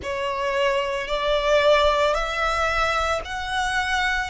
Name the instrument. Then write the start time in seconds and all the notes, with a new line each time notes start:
violin
0.02 C#5
1.07 D5
2.14 E5
3.24 F#5